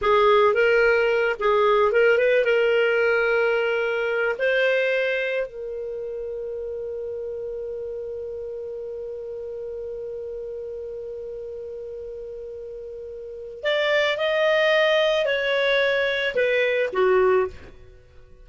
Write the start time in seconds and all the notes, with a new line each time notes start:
0.01 G#4
0.54 A#4
1.39 G#4
1.91 A#4
2.18 B4
2.44 A#4
4.39 C5
5.46 A#4
13.63 D5
14.17 D#5
15.25 C#5
16.35 B4
16.92 F#4